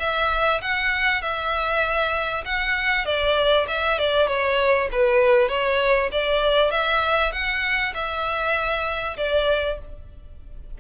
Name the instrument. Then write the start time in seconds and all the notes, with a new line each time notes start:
violin
0.00 E5
0.62 F#5
1.22 E5
2.45 F#5
3.06 D5
3.68 E5
3.99 D5
4.28 C#5
4.92 B4
5.49 C#5
6.12 D5
6.71 E5
7.32 F#5
7.95 E5
9.17 D5